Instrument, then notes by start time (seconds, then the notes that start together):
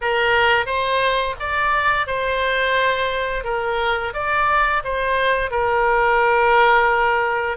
oboe
0.01 A#4
0.66 C5
1.39 D5
2.07 C5
3.44 A#4
4.13 D5
4.84 C5
5.50 A#4